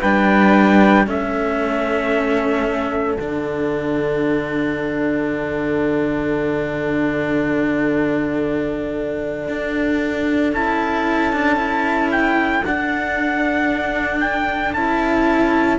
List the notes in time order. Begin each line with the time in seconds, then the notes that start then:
0.00 G3 D4 B4 G5
1.06 A3 C#4 A4 E5
3.16 D3 D4 F#5
9.49 D4
10.53 C#4 E4 A5
11.33 D4
11.57 E4
12.12 G5
12.65 D4 F#5
14.21 G5
14.74 C#4 E4 A5